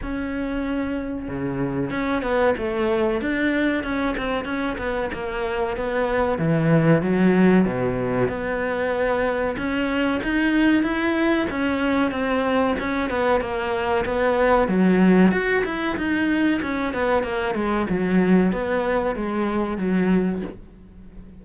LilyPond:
\new Staff \with { instrumentName = "cello" } { \time 4/4 \tempo 4 = 94 cis'2 cis4 cis'8 b8 | a4 d'4 cis'8 c'8 cis'8 b8 | ais4 b4 e4 fis4 | b,4 b2 cis'4 |
dis'4 e'4 cis'4 c'4 | cis'8 b8 ais4 b4 fis4 | fis'8 e'8 dis'4 cis'8 b8 ais8 gis8 | fis4 b4 gis4 fis4 | }